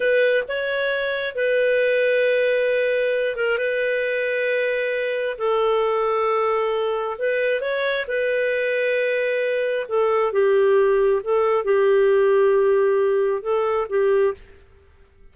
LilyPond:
\new Staff \with { instrumentName = "clarinet" } { \time 4/4 \tempo 4 = 134 b'4 cis''2 b'4~ | b'2.~ b'8 ais'8 | b'1 | a'1 |
b'4 cis''4 b'2~ | b'2 a'4 g'4~ | g'4 a'4 g'2~ | g'2 a'4 g'4 | }